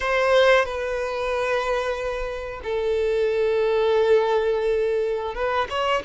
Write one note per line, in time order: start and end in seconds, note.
0.00 0.65 C5
0.65 2.60 B4
2.63 5.34 A4
5.34 5.67 B4
5.69 6.02 C#5